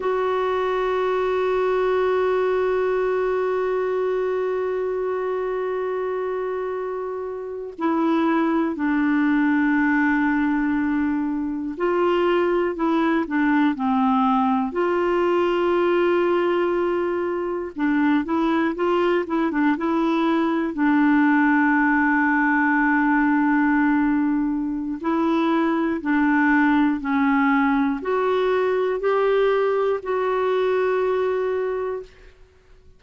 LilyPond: \new Staff \with { instrumentName = "clarinet" } { \time 4/4 \tempo 4 = 60 fis'1~ | fis'2.~ fis'8. e'16~ | e'8. d'2. f'16~ | f'8. e'8 d'8 c'4 f'4~ f'16~ |
f'4.~ f'16 d'8 e'8 f'8 e'16 d'16 e'16~ | e'8. d'2.~ d'16~ | d'4 e'4 d'4 cis'4 | fis'4 g'4 fis'2 | }